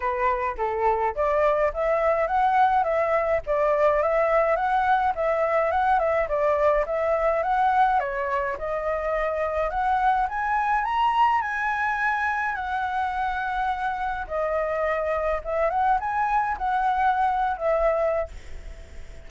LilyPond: \new Staff \with { instrumentName = "flute" } { \time 4/4 \tempo 4 = 105 b'4 a'4 d''4 e''4 | fis''4 e''4 d''4 e''4 | fis''4 e''4 fis''8 e''8 d''4 | e''4 fis''4 cis''4 dis''4~ |
dis''4 fis''4 gis''4 ais''4 | gis''2 fis''2~ | fis''4 dis''2 e''8 fis''8 | gis''4 fis''4.~ fis''16 e''4~ e''16 | }